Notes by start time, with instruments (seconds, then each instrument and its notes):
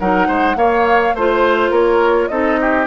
0.00 bassoon F#3, clarinet D#4, oboe A#4, flute F#5
0.28 bassoon G#3, oboe C5
0.56 clarinet A#3, bassoon A#3, oboe C#5, flute F5
1.15 bassoon A3, clarinet F4, oboe C5, flute C5
1.71 bassoon A#3, oboe A#4, flute C#5
2.28 bassoon C4, clarinet D#4, oboe A4, flute D#5
2.61 oboe G4